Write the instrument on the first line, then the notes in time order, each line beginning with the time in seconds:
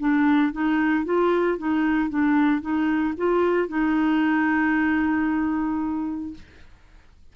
clarinet
0.00 D4
0.52 D#4
1.05 F4
1.58 D#4
2.09 D4
2.61 D#4
3.17 F4
3.69 D#4